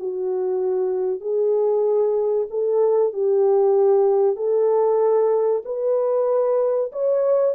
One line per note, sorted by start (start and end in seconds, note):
0.00 1.21 F#4
1.21 2.47 G#4
2.50 3.13 A4
3.13 4.37 G4
4.37 5.63 A4
5.66 6.92 B4
6.92 7.55 C#5